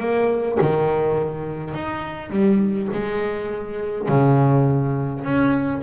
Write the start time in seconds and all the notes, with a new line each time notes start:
0.00 A#3
0.61 D#3
1.74 D#4
2.30 G3
2.93 G#3
4.09 C#3
5.24 C#4